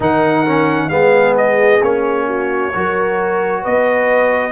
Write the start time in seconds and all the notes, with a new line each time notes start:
0.00 D#3 D#4 A#4 F#5
0.45 C#4
0.89 G#3 B3 G#4 F5
1.37 D#5
1.81 A#3 C#4 C#5
2.27 F#4
2.73 F#3 F#4 A#4
3.62 B3 B4 D#5